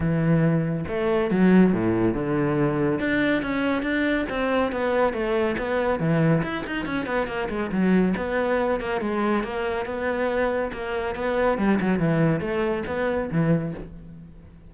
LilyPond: \new Staff \with { instrumentName = "cello" } { \time 4/4 \tempo 4 = 140 e2 a4 fis4 | a,4 d2 d'4 | cis'4 d'4 c'4 b4 | a4 b4 e4 e'8 dis'8 |
cis'8 b8 ais8 gis8 fis4 b4~ | b8 ais8 gis4 ais4 b4~ | b4 ais4 b4 g8 fis8 | e4 a4 b4 e4 | }